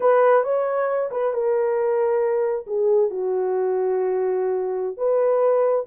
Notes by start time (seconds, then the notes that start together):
0.00 B4
0.43 C#5
1.11 B4
1.33 A#4
2.66 G#4
3.10 F#4
4.97 B4